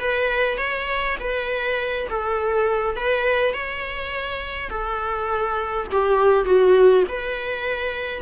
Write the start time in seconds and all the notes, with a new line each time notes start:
0.00 B4
0.58 C#5
1.20 B4
2.09 A4
2.96 B4
3.54 C#5
4.70 A4
5.92 G4
6.45 F#4
7.09 B4